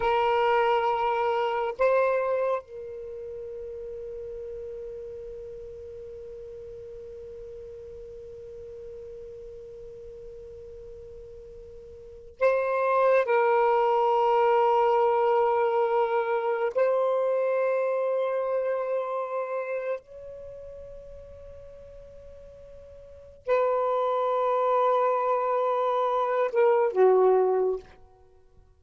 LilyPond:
\new Staff \with { instrumentName = "saxophone" } { \time 4/4 \tempo 4 = 69 ais'2 c''4 ais'4~ | ais'1~ | ais'1~ | ais'2~ ais'16 c''4 ais'8.~ |
ais'2.~ ais'16 c''8.~ | c''2. cis''4~ | cis''2. b'4~ | b'2~ b'8 ais'8 fis'4 | }